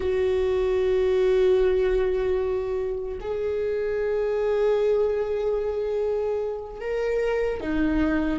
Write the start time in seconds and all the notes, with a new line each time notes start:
0.00 F#4
3.20 G#4
6.80 A#4
7.60 D#4